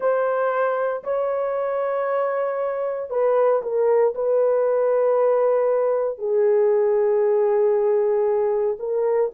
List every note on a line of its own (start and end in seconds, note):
0.00 1.03 C5
1.03 3.10 C#5
3.10 3.62 B4
3.62 4.14 A#4
4.14 6.18 B4
6.18 8.76 G#4
8.79 9.31 A#4